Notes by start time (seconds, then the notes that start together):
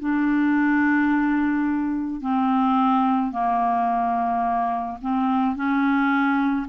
0.00 D4
2.21 C4
3.32 A#3
5.02 C4
5.56 C#4